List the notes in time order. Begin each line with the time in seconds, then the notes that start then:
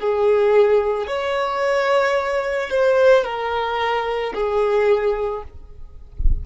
0.00 G#4
1.07 C#5
2.70 C5
3.24 A#4
4.34 G#4